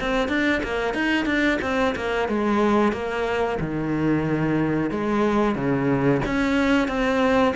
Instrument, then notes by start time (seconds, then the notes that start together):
cello
0.00 C4
0.28 D4
0.63 A#3
0.94 D#4
1.25 D4
1.61 C4
1.95 A#3
2.28 G#3
2.92 A#3
3.60 D#3
4.90 G#3
5.55 C#3
6.25 C#4
6.88 C4